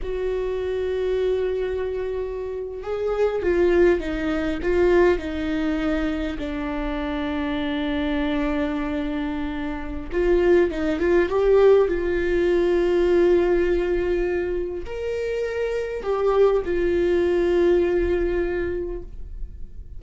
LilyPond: \new Staff \with { instrumentName = "viola" } { \time 4/4 \tempo 4 = 101 fis'1~ | fis'8. gis'4 f'4 dis'4 f'16~ | f'8. dis'2 d'4~ d'16~ | d'1~ |
d'4 f'4 dis'8 f'8 g'4 | f'1~ | f'4 ais'2 g'4 | f'1 | }